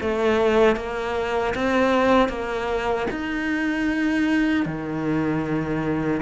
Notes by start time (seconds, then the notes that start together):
0.00 A3
0.75 A#3
1.54 C4
2.28 A#3
3.10 D#4
4.65 D#3